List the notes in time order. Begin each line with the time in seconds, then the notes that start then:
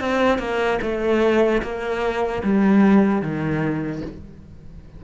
0.00 C4
0.39 A#3
0.82 A3
1.63 A#3
2.44 G3
3.22 D#3